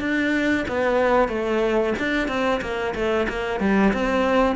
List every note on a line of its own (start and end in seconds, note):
0.00 0.65 D4
0.68 1.28 B3
1.28 1.94 A3
1.99 2.28 D4
2.28 2.61 C4
2.61 2.94 A#3
2.95 3.27 A3
3.29 3.60 A#3
3.60 3.93 G3
3.93 4.56 C4